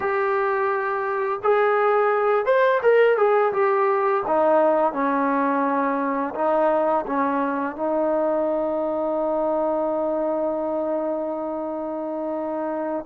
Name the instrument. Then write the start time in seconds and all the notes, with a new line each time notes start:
trombone
0.00 G4
1.43 G#4
2.45 C5
2.82 A#4
3.17 G#4
3.52 G4
4.27 D#4
4.92 C#4
6.34 D#4
7.06 C#4
7.76 D#4